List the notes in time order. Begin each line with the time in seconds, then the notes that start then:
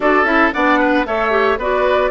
0.00 D4 F#4 A4 D5
0.23 C#4 E4 E5
0.52 B3 D4 D5 F#5
0.79 B4
1.05 A3 A4 C#5 E5
1.30 G4
1.57 B3 F#4 B4 D5